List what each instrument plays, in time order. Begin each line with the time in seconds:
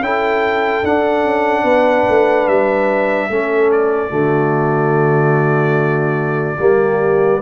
0.00 tuba C#4, trombone E4, horn A4, trumpet G5
0.83 tuba D4, trombone D4, trumpet F#5
1.24 tuba C#4
1.63 tuba B3, horn B4
2.09 tuba A3
2.47 tuba G3, trumpet E5
3.29 tuba A3, trombone C#4, horn A4
3.71 trumpet D5
4.09 tuba D3, trombone A3, horn F#4
6.59 tuba G3, trombone A#3, horn G4